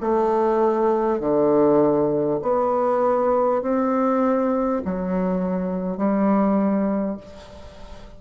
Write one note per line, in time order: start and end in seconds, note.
0.00 1.20 A3
1.20 2.40 D3
2.42 3.62 B3
3.62 4.82 C4
4.84 5.97 F#3
5.97 7.17 G3